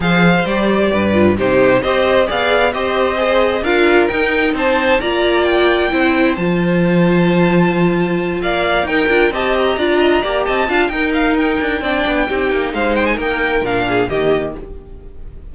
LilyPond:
<<
  \new Staff \with { instrumentName = "violin" } { \time 4/4 \tempo 4 = 132 f''4 d''2 c''4 | dis''4 f''4 dis''2 | f''4 g''4 a''4 ais''4 | g''2 a''2~ |
a''2~ a''8 f''4 g''8~ | g''8 a''8 ais''2 a''4 | g''8 f''8 g''2. | f''8 g''16 gis''16 g''4 f''4 dis''4 | }
  \new Staff \with { instrumentName = "violin" } { \time 4/4 c''2 b'4 g'4 | c''4 d''4 c''2 | ais'2 c''4 d''4~ | d''4 c''2.~ |
c''2~ c''8 d''4 ais'8~ | ais'8 dis''4 d''8 dis''8 d''8 dis''8 f''8 | ais'2 d''4 g'4 | c''4 ais'4. gis'8 g'4 | }
  \new Staff \with { instrumentName = "viola" } { \time 4/4 gis'4 g'4. f'8 dis'4 | g'4 gis'4 g'4 gis'4 | f'4 dis'2 f'4~ | f'4 e'4 f'2~ |
f'2.~ f'8 dis'8 | f'8 g'4 f'4 g'4 f'8 | dis'2 d'4 dis'4~ | dis'2 d'4 ais4 | }
  \new Staff \with { instrumentName = "cello" } { \time 4/4 f4 g4 g,4 c4 | c'4 b4 c'2 | d'4 dis'4 c'4 ais4~ | ais4 c'4 f2~ |
f2~ f8 ais4 dis'8 | d'8 c'4 d'4 ais8 c'8 d'8 | dis'4. d'8 c'8 b8 c'8 ais8 | gis4 ais4 ais,4 dis4 | }
>>